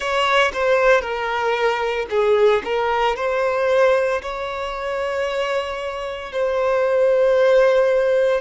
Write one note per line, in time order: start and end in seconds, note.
0.00 0.51 C#5
0.53 1.01 C5
1.01 2.06 A#4
2.10 2.62 G#4
2.64 3.16 A#4
3.16 4.21 C5
4.22 6.32 C#5
6.32 8.40 C5